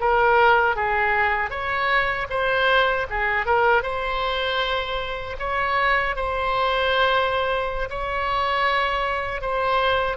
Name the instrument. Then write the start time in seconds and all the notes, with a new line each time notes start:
oboe
0.00 A#4
0.76 G#4
1.50 C#5
2.30 C5
3.09 G#4
3.46 A#4
3.83 C5
5.39 C#5
6.16 C5
7.90 C#5
9.41 C5